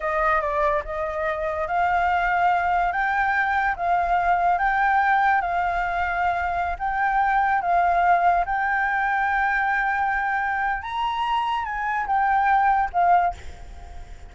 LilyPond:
\new Staff \with { instrumentName = "flute" } { \time 4/4 \tempo 4 = 144 dis''4 d''4 dis''2 | f''2. g''4~ | g''4 f''2 g''4~ | g''4 f''2.~ |
f''16 g''2 f''4.~ f''16~ | f''16 g''2.~ g''8.~ | g''2 ais''2 | gis''4 g''2 f''4 | }